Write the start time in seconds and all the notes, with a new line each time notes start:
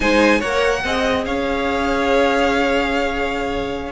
0.00 G#3 D#4 C5 G#5
0.38 A#3 A#4 C#5 F#5
0.84 C4 G#4 D#5
1.25 C#4 C#5 F5